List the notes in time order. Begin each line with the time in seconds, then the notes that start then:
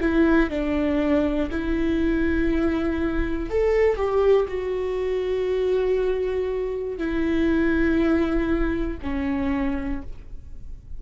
0.00 E4
0.50 D4
1.50 E4
3.50 A4
3.96 G4
4.48 F#4
6.97 E4
9.02 C#4